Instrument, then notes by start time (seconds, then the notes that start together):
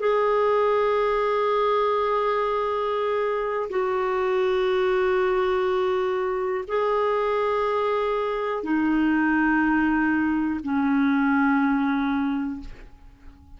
clarinet
0.00 G#4
3.69 F#4
6.68 G#4
8.63 D#4
10.63 C#4